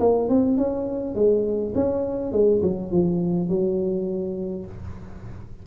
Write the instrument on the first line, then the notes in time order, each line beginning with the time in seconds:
tuba
0.00 A#3
0.29 C4
0.58 C#4
1.15 G#3
1.76 C#4
2.32 G#3
2.62 F#3
2.92 F3
3.49 F#3